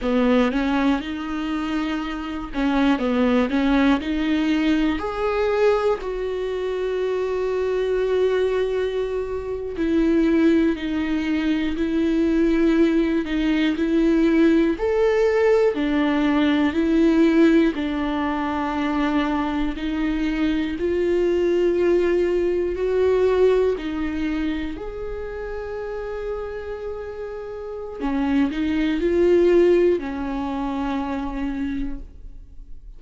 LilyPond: \new Staff \with { instrumentName = "viola" } { \time 4/4 \tempo 4 = 60 b8 cis'8 dis'4. cis'8 b8 cis'8 | dis'4 gis'4 fis'2~ | fis'4.~ fis'16 e'4 dis'4 e'16~ | e'4~ e'16 dis'8 e'4 a'4 d'16~ |
d'8. e'4 d'2 dis'16~ | dis'8. f'2 fis'4 dis'16~ | dis'8. gis'2.~ gis'16 | cis'8 dis'8 f'4 cis'2 | }